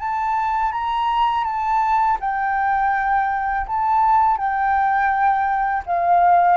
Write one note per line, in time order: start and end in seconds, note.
0.00 0.72 A5
0.72 1.45 A#5
1.45 2.18 A5
2.20 3.67 G5
3.67 4.37 A5
4.37 5.84 G5
5.86 6.57 F5